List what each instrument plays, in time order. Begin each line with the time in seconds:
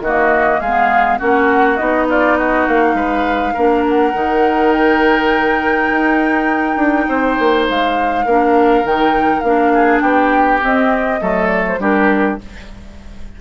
0.00 bassoon D#3, oboe F#4, flute D#5
0.06 clarinet A#3
0.60 bassoon G#3, oboe G#4, flute F5
0.66 clarinet B3
1.19 bassoon A#3, clarinet C#4, oboe F#4, flute F#5
1.76 bassoon B3, clarinet D#4, flute D#5
2.09 oboe F4, flute D5
2.37 oboe F#4, flute D#5
2.67 bassoon A#3, flute F5
2.94 bassoon G#3, oboe B4
3.54 bassoon A#3, clarinet D4, oboe A#4
3.88 flute F#5
4.13 bassoon D#3, clarinet D#4
4.73 flute G5
5.91 bassoon D#4
6.76 bassoon D4
7.08 bassoon C4, oboe C5
7.39 bassoon A#3
7.69 bassoon G#3, flute F5
8.25 bassoon A#3, clarinet D4, oboe A#4
8.84 bassoon D#3, clarinet D#4, flute G5
9.40 bassoon A#3, clarinet D4, flute F5
9.74 oboe G#4
10.00 bassoon B3, oboe G4, flute G5
10.61 clarinet C4, bassoon C4, flute D#5
11.19 bassoon F#3, clarinet A3, oboe A4
11.47 flute D5
11.68 flute C5
11.79 bassoon G3, clarinet D4, oboe G4, flute A#4